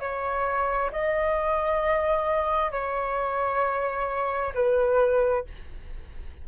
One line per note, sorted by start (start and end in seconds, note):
0.00 0.91 C#5
0.92 2.71 D#5
2.71 4.53 C#5
4.54 5.45 B4